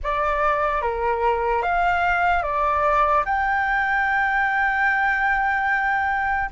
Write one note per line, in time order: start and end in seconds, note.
0.03 0.81 D5
0.81 1.62 A#4
1.62 2.43 F5
2.43 3.24 D5
3.25 6.49 G5